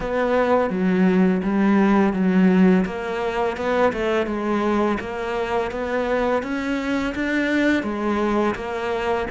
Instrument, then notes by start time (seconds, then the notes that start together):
cello
0.00 B3
0.69 F#3
1.42 G3
2.13 F#3
2.85 A#3
3.56 B3
3.92 A3
4.26 G#3
5.00 A#3
5.71 B3
6.42 C#4
7.14 D4
7.83 G#3
8.55 A#3